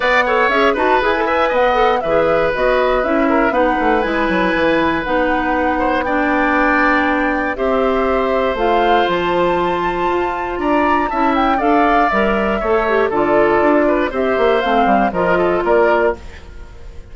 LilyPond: <<
  \new Staff \with { instrumentName = "flute" } { \time 4/4 \tempo 4 = 119 fis''4 e''8 a''8 gis''4 fis''4 | e''4 dis''4 e''4 fis''4 | gis''2 fis''2 | g''2. e''4~ |
e''4 f''4 a''2~ | a''4 ais''4 a''8 g''8 f''4 | e''2 d''2 | e''4 f''4 dis''4 d''4 | }
  \new Staff \with { instrumentName = "oboe" } { \time 4/4 d''8 cis''4 b'4 e''8 dis''4 | b'2~ b'8 ais'8 b'4~ | b'2.~ b'8 c''8 | d''2. c''4~ |
c''1~ | c''4 d''4 e''4 d''4~ | d''4 cis''4 a'4. b'8 | c''2 ais'8 a'8 ais'4 | }
  \new Staff \with { instrumentName = "clarinet" } { \time 4/4 b'8 a'8 gis'8 fis'8 gis'16 a'16 b'4 a'8 | gis'4 fis'4 e'4 dis'4 | e'2 dis'2 | d'2. g'4~ |
g'4 f'2.~ | f'2 e'4 a'4 | ais'4 a'8 g'8 f'2 | g'4 c'4 f'2 | }
  \new Staff \with { instrumentName = "bassoon" } { \time 4/4 b4 cis'8 dis'8 e'4 b4 | e4 b4 cis'4 b8 a8 | gis8 fis8 e4 b2~ | b2. c'4~ |
c'4 a4 f2 | f'4 d'4 cis'4 d'4 | g4 a4 d4 d'4 | c'8 ais8 a8 g8 f4 ais4 | }
>>